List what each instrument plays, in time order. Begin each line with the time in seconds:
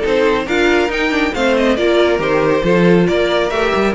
0.00 cello C4, viola D#4, violin A4
0.08 violin C5
0.46 cello D4, viola F4, violin A#4 F5
0.89 cello D#4, viola D#4, violin G5
1.11 viola D4
1.35 cello A3, viola C4, violin C5 F5
1.58 violin D#5
1.77 cello A#3, viola F4, violin A#4 D5
2.19 cello D#3, viola G4, violin C5
2.64 cello F3, viola F4, violin A4
3.07 cello A#3, violin A#4 D5
3.50 cello A3, viola G4, violin E5
3.75 cello G3